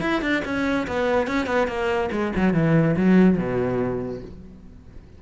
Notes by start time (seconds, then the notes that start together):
0.00 E4
0.21 D4
0.44 C#4
0.87 B3
1.27 C#4
1.46 B3
1.67 A#3
2.11 G#3
2.36 F#3
2.53 E3
2.96 F#3
3.37 B2